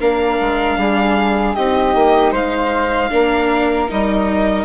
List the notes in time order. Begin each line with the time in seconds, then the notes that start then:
0.00 A#3 D4 A#4 F5
0.41 G#3
0.77 G3 G#4
1.55 C4 D#4 G4 D#5
1.95 A#3
2.31 G#3 C5 F5
3.10 A#3 D4 A#4
3.89 G3 D#4 D#5